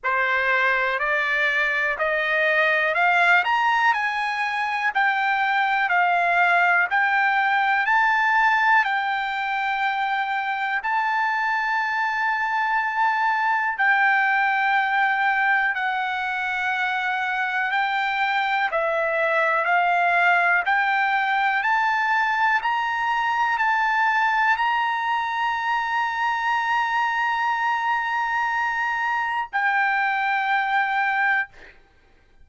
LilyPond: \new Staff \with { instrumentName = "trumpet" } { \time 4/4 \tempo 4 = 61 c''4 d''4 dis''4 f''8 ais''8 | gis''4 g''4 f''4 g''4 | a''4 g''2 a''4~ | a''2 g''2 |
fis''2 g''4 e''4 | f''4 g''4 a''4 ais''4 | a''4 ais''2.~ | ais''2 g''2 | }